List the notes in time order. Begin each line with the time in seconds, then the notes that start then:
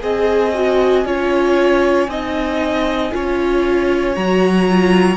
0.00 C4 G#4 D#5 G#5
0.54 F#4
1.05 C#4 F4 C#5
2.07 C4 D#4 D#5
3.11 C#4 F4 C#5
4.15 F#3 F#4 A#5
4.70 F4